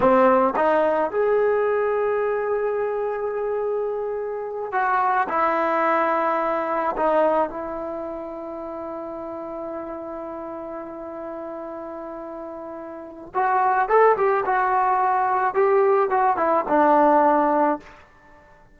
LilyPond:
\new Staff \with { instrumentName = "trombone" } { \time 4/4 \tempo 4 = 108 c'4 dis'4 gis'2~ | gis'1~ | gis'8 fis'4 e'2~ e'8~ | e'8 dis'4 e'2~ e'8~ |
e'1~ | e'1 | fis'4 a'8 g'8 fis'2 | g'4 fis'8 e'8 d'2 | }